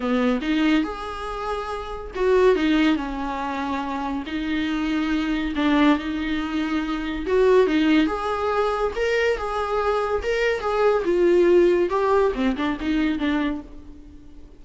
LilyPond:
\new Staff \with { instrumentName = "viola" } { \time 4/4 \tempo 4 = 141 b4 dis'4 gis'2~ | gis'4 fis'4 dis'4 cis'4~ | cis'2 dis'2~ | dis'4 d'4 dis'2~ |
dis'4 fis'4 dis'4 gis'4~ | gis'4 ais'4 gis'2 | ais'4 gis'4 f'2 | g'4 c'8 d'8 dis'4 d'4 | }